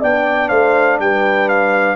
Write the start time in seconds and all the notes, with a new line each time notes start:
0.00 B3 D4 D5 G5
0.48 A3 C5 F5
0.99 G3 B4 G5
1.48 F5